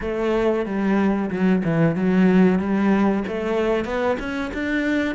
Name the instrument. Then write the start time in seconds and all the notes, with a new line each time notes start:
cello
0.01 A3
0.65 G3
1.30 F#3
1.63 E3
1.95 F#3
2.59 G3
3.27 A3
3.84 B3
4.19 C#4
4.53 D4